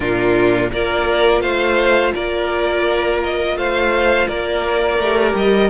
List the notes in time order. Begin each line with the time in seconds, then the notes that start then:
0.00 A#2 D4 F4 A#4
0.71 A#3 F4 A#4 D5
1.41 A3 C5 F5
2.14 A#3 A#4 D5
3.23 D#5
3.56 A3 C5 F5
4.28 A#3 A#4 D5
4.98 A3 G4
5.34 G3 D#5